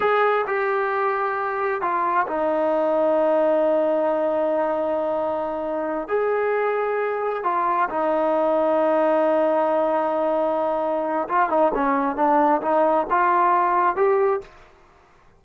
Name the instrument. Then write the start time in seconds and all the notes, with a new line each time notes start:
trombone
0.00 G#4
0.47 G4
1.81 F4
2.27 D#4
6.08 G#4
7.43 F4
7.89 D#4
11.28 F4
11.49 D#4
11.74 C#4
12.16 D4
12.61 D#4
13.09 F4
13.96 G4